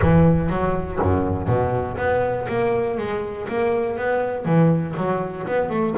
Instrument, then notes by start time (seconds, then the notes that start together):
double bass
0.02 E3
0.49 F#3
1.01 F#2
1.47 B2
1.97 B3
2.48 A#3
2.97 G#3
3.48 A#3
3.97 B3
4.45 E3
4.96 F#3
5.46 B3
5.69 A3